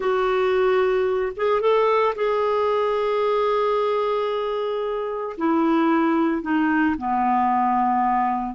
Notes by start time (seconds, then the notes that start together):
0.00 F#4
1.36 G#4
1.60 A4
2.15 G#4
5.37 E4
6.42 D#4
6.97 B3